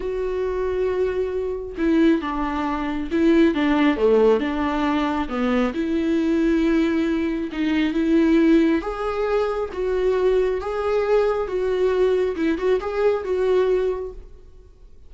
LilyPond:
\new Staff \with { instrumentName = "viola" } { \time 4/4 \tempo 4 = 136 fis'1 | e'4 d'2 e'4 | d'4 a4 d'2 | b4 e'2.~ |
e'4 dis'4 e'2 | gis'2 fis'2 | gis'2 fis'2 | e'8 fis'8 gis'4 fis'2 | }